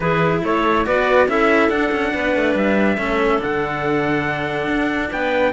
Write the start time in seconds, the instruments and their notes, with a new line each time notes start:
0.00 cello E3 E4, clarinet G#4, trumpet B4
0.44 cello A3, clarinet A4, trumpet C#5
0.85 cello B3 F#4, clarinet B4, trumpet D5
1.28 cello C#4 E4, clarinet A4, trumpet E5
1.69 cello D4, trumpet F#5
1.91 cello C#4
2.13 cello B3, clarinet B4
2.35 cello A3
2.54 cello G3, trumpet E5
2.97 cello A3 C#4, clarinet A4
3.38 cello D3 D4, trumpet F#5
4.67 cello D4
5.11 cello B3, clarinet B4, trumpet G5